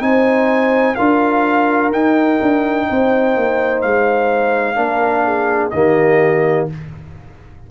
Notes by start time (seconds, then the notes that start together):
0.00 C4 D#4 C5 G#5
0.95 D4 F4 A#4 F5
1.92 D#4 G5
2.41 D4
2.89 C4 C5
3.36 A#3
3.81 G#3 F5
4.75 A#3 D4 A#4
5.25 G#4
5.70 D#3 A#3 G4 D#5